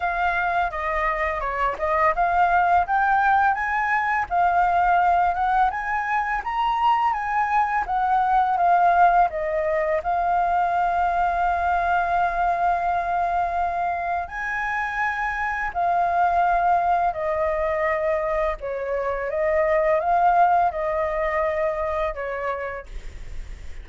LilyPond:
\new Staff \with { instrumentName = "flute" } { \time 4/4 \tempo 4 = 84 f''4 dis''4 cis''8 dis''8 f''4 | g''4 gis''4 f''4. fis''8 | gis''4 ais''4 gis''4 fis''4 | f''4 dis''4 f''2~ |
f''1 | gis''2 f''2 | dis''2 cis''4 dis''4 | f''4 dis''2 cis''4 | }